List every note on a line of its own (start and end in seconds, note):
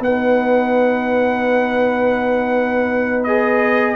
0.00 3.96 B3
0.00 3.27 D#4
0.00 3.96 B4
0.00 3.24 F#5
3.24 3.96 G#4
3.24 3.96 D#5